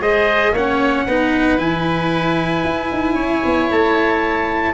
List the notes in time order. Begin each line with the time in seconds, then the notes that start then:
0.00 G#3 G#4 C5 D#5
0.52 A#3 C#4 C#5 F#5
1.06 B3 D#4 B4
1.58 E3 E4 G#5
2.64 E4
2.91 D#4
3.14 C#4 C#5
3.44 B3
3.70 A3 A5